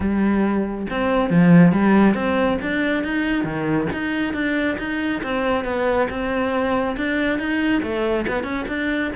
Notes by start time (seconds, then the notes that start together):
0.00 G3
0.89 C4
1.29 F3
1.72 G3
2.14 C4
2.62 D4
3.03 D#4
3.43 D#3
3.92 D#4
4.33 D4
4.78 D#4
5.23 C4
5.64 B3
6.09 C4
6.96 D4
7.38 D#4
7.82 A3
8.27 B3
8.43 C#4
8.67 D4